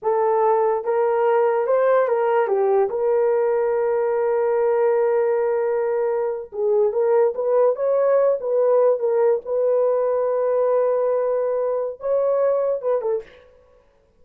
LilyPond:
\new Staff \with { instrumentName = "horn" } { \time 4/4 \tempo 4 = 145 a'2 ais'2 | c''4 ais'4 g'4 ais'4~ | ais'1~ | ais'2.~ ais'8. gis'16~ |
gis'8. ais'4 b'4 cis''4~ cis''16~ | cis''16 b'4. ais'4 b'4~ b'16~ | b'1~ | b'4 cis''2 b'8 a'8 | }